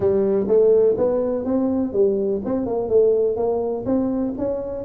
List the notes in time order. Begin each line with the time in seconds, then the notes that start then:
0.00 G3
0.47 A3
0.97 B3
1.45 C4
1.92 G3
2.44 C4
2.65 A#3
2.88 A3
3.36 A#3
3.85 C4
4.38 C#4